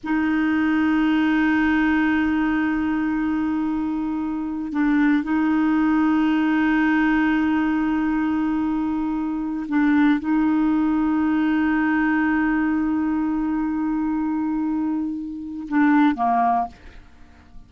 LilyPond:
\new Staff \with { instrumentName = "clarinet" } { \time 4/4 \tempo 4 = 115 dis'1~ | dis'1~ | dis'4 d'4 dis'2~ | dis'1~ |
dis'2~ dis'8 d'4 dis'8~ | dis'1~ | dis'1~ | dis'2 d'4 ais4 | }